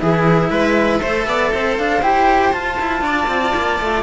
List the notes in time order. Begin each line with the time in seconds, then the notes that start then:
0.00 E3 E4 G#4 E5
0.50 G#3 B4
1.00 A3 A4 C5
1.27 B3 D5
1.54 C4 C5
1.78 D4 F5
2.02 E4 G4 G5
2.53 F4 A5
2.80 E4
3.02 D4 D5
3.28 C4
3.55 A#3
3.80 A3